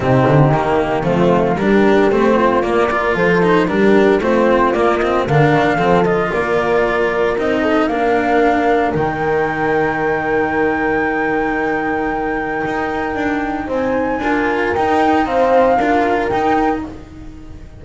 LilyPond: <<
  \new Staff \with { instrumentName = "flute" } { \time 4/4 \tempo 4 = 114 g'2 f'4 ais'4 | c''4 d''4 c''4 ais'4 | c''4 d''8 dis''8 f''4. dis''8 | d''2 dis''4 f''4~ |
f''4 g''2.~ | g''1~ | g''2 gis''2 | g''4 f''2 g''4 | }
  \new Staff \with { instrumentName = "horn" } { \time 4/4 dis'2 c'4 g'4~ | g'8 f'4 ais'8 a'4 g'4 | f'2 ais'4 a'4 | ais'2~ ais'8 a'8 ais'4~ |
ais'1~ | ais'1~ | ais'2 c''4 ais'4~ | ais'4 c''4 ais'2 | }
  \new Staff \with { instrumentName = "cello" } { \time 4/4 c'4 ais4 a4 d'4 | c'4 ais8 f'4 dis'8 d'4 | c'4 ais8 c'8 d'4 c'8 f'8~ | f'2 dis'4 d'4~ |
d'4 dis'2.~ | dis'1~ | dis'2. f'4 | dis'4 c'4 f'4 dis'4 | }
  \new Staff \with { instrumentName = "double bass" } { \time 4/4 c8 d8 dis4 f4 g4 | a4 ais4 f4 g4 | a4 ais4 d8 dis8 f4 | ais2 c'4 ais4~ |
ais4 dis2.~ | dis1 | dis'4 d'4 c'4 d'4 | dis'2 d'4 dis'4 | }
>>